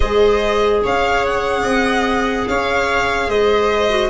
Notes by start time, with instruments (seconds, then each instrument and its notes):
0.00 tuba G#3, clarinet G#4, viola C5, violin D#5
0.83 tuba C#4, viola C#5, violin F5
1.26 violin F#5
1.62 tuba C4, viola D#5
2.47 tuba C#4, viola C#5, violin F5
3.28 tuba G#3, viola C5, violin D#5
3.89 clarinet F#4